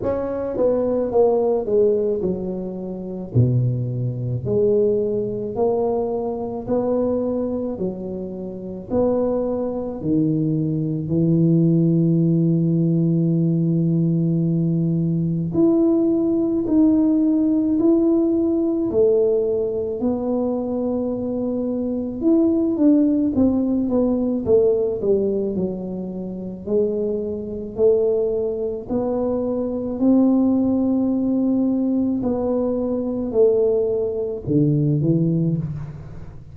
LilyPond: \new Staff \with { instrumentName = "tuba" } { \time 4/4 \tempo 4 = 54 cis'8 b8 ais8 gis8 fis4 b,4 | gis4 ais4 b4 fis4 | b4 dis4 e2~ | e2 e'4 dis'4 |
e'4 a4 b2 | e'8 d'8 c'8 b8 a8 g8 fis4 | gis4 a4 b4 c'4~ | c'4 b4 a4 d8 e8 | }